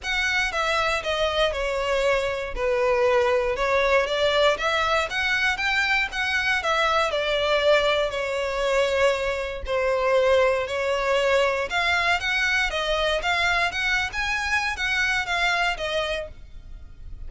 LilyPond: \new Staff \with { instrumentName = "violin" } { \time 4/4 \tempo 4 = 118 fis''4 e''4 dis''4 cis''4~ | cis''4 b'2 cis''4 | d''4 e''4 fis''4 g''4 | fis''4 e''4 d''2 |
cis''2. c''4~ | c''4 cis''2 f''4 | fis''4 dis''4 f''4 fis''8. gis''16~ | gis''4 fis''4 f''4 dis''4 | }